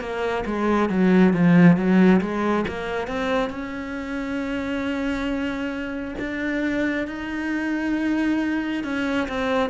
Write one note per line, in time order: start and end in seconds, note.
0.00 0.44 A#3
0.46 0.90 G#3
0.90 1.34 F#3
1.34 1.76 F3
1.76 2.21 F#3
2.21 2.65 G#3
2.68 3.07 A#3
3.07 3.50 C4
3.50 6.15 C#4
6.19 7.07 D4
7.07 8.84 D#4
8.84 9.28 C#4
9.28 9.70 C4